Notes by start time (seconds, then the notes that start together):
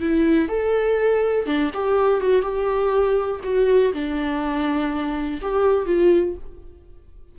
0.00 E4
0.48 A4
1.46 D4
1.74 G4
2.20 F#4
2.42 G4
3.43 F#4
3.93 D4
5.42 G4
5.86 F4